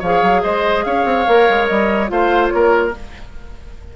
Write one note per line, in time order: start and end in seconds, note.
0.00 0.23 F3
0.00 1.27 G#4
0.00 0.42 C#5
0.00 0.43 F5
0.23 0.43 F#3
0.43 0.86 G#3
0.43 0.85 C5
0.43 0.84 D#5
0.84 1.05 C#4
0.84 2.11 C#5
0.84 1.67 F5
1.05 1.26 C4
1.27 1.49 A#3
1.27 2.08 A#4
1.49 1.70 G#3
1.67 2.11 G3
1.67 2.09 D#5
2.08 2.53 A3
2.08 2.92 F4
2.08 2.53 C5
2.08 2.50 F5
2.50 2.95 A#3
2.50 2.96 A#4
2.50 2.91 C#5